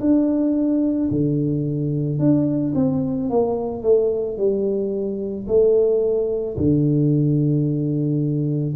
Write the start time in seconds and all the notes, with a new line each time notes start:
0.00 D4
1.11 D3
2.19 D4
2.75 C4
3.30 A#3
3.82 A3
4.37 G3
5.47 A3
6.57 D3